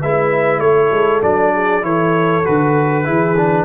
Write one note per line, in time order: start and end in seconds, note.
0.00 0.59 G#3
0.00 1.21 E4
0.00 0.61 B4
0.00 0.60 E5
0.59 0.89 A3
0.59 1.53 A4
0.59 1.21 C#5
0.91 1.22 G#3
1.21 1.82 F#3
1.21 1.82 D4
1.21 1.84 D5
1.53 1.84 G#4
1.82 2.43 E3
1.82 2.43 E4
1.82 3.05 A4
1.82 2.45 C#5
2.43 3.07 D3
2.43 3.04 F#4
2.43 3.64 B4
3.04 3.64 E3
3.04 3.35 E4
3.04 3.64 G#4
3.37 3.64 D4